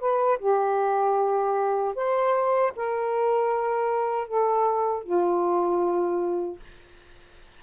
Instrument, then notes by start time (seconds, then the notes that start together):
saxophone
0.00 B4
0.39 G4
1.96 C5
2.77 A#4
4.28 A4
5.04 F4